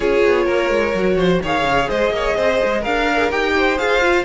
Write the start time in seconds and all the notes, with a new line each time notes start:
0.00 C#4 F4 G#4 C#5
0.24 B3
0.45 A#3 A#4
0.70 G#3
0.94 F#3 F#4
1.15 F3 C5
1.42 D#3 G#4 C#5 F5
1.63 C#3
1.88 G#3 C5 D#5
2.10 A#3 C#5
2.36 C4 C5
2.64 G#3
2.80 D4 A#4 F5
3.06 A#4
3.17 G#4
3.31 D#4 G4 G5
3.57 C5
3.77 F4 G#4 F5
4.02 F4